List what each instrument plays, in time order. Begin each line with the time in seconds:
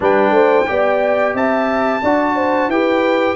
0.00 tuba G3, trombone D4, horn B4, trumpet G5
0.30 tuba A3, horn C5
0.66 tuba B3, trombone G4, horn D5
1.34 tuba C4, horn E5, trumpet A5
2.02 tuba D4, trombone F#4, horn D5
2.35 horn C5
2.68 tuba E4, trombone G4, horn B4, trumpet G5